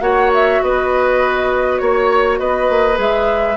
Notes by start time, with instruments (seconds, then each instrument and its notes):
0.00 bassoon A#3, clarinet F#4, oboe C#5, flute F#5
0.34 flute E5
0.63 bassoon B3, oboe B4, flute D#5
1.78 bassoon A#3, flute C#5, oboe C#5
2.39 bassoon B3, oboe B4, flute D#5
2.69 bassoon A#3
2.95 bassoon G#3, clarinet G#4, flute E5